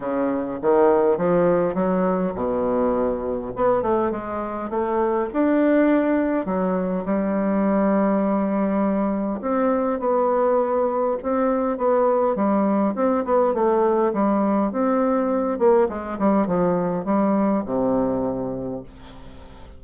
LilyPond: \new Staff \with { instrumentName = "bassoon" } { \time 4/4 \tempo 4 = 102 cis4 dis4 f4 fis4 | b,2 b8 a8 gis4 | a4 d'2 fis4 | g1 |
c'4 b2 c'4 | b4 g4 c'8 b8 a4 | g4 c'4. ais8 gis8 g8 | f4 g4 c2 | }